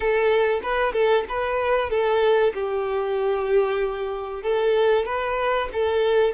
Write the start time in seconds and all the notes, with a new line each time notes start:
0.00 A4
0.62 B4
0.92 A4
1.28 B4
1.89 A4
2.53 G4
4.42 A4
5.05 B4
5.72 A4